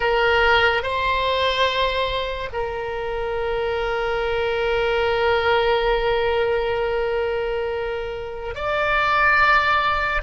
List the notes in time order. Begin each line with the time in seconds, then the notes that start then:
0.00 A#4
0.82 C5
2.52 A#4
8.54 D5